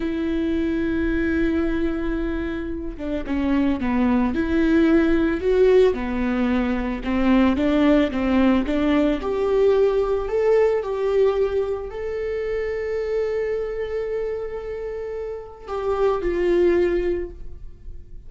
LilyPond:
\new Staff \with { instrumentName = "viola" } { \time 4/4 \tempo 4 = 111 e'1~ | e'4. d'8 cis'4 b4 | e'2 fis'4 b4~ | b4 c'4 d'4 c'4 |
d'4 g'2 a'4 | g'2 a'2~ | a'1~ | a'4 g'4 f'2 | }